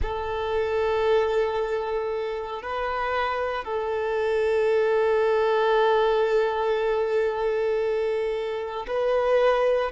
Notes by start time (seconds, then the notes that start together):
0.01 A4
2.62 B4
3.64 A4
8.87 B4